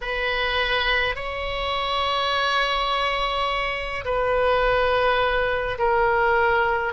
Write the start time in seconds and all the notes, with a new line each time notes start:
0.01 B4
1.15 C#5
4.04 B4
5.78 A#4